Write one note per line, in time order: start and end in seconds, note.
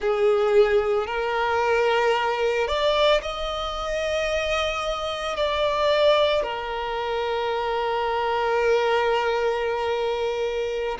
0.00 1.07 G#4
1.07 2.67 A#4
2.67 3.21 D5
3.21 5.36 D#5
5.36 6.42 D5
6.42 10.98 A#4